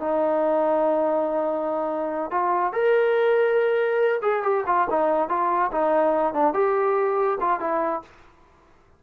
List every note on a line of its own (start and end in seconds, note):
0.00 2.31 D#4
2.31 2.73 F4
2.73 4.21 A#4
4.22 4.43 G#4
4.43 4.64 G4
4.67 4.88 F4
4.90 5.29 D#4
5.29 5.71 F4
5.72 6.34 D#4
6.34 6.54 D4
6.54 7.38 G4
7.41 7.60 F4
7.60 8.02 E4